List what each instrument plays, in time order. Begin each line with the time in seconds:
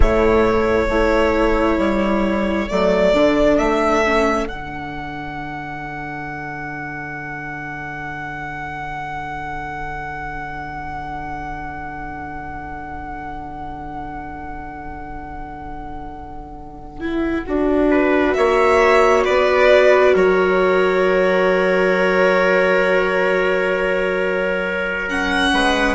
0.00 bassoon A2, viola A3, trumpet E4, violin C#5
0.88 bassoon A3, viola E4, trumpet A4
1.77 bassoon G3
2.68 bassoon F#3, viola A3, violin D5
3.13 bassoon D3, viola D4
3.58 bassoon A3, violin E5
4.05 viola C#4
4.47 bassoon D3, viola D4, violin F#5
17.00 viola E4
17.46 bassoon D4, viola F#4
17.90 trumpet B4
18.33 bassoon A#3, trumpet C#5, violin E5
19.24 bassoon B3, trumpet B4, violin D5
20.14 bassoon F#3, trumpet A#4, violin C#5
25.08 viola C#4, violin F#5
25.52 bassoon G#3, trumpet B4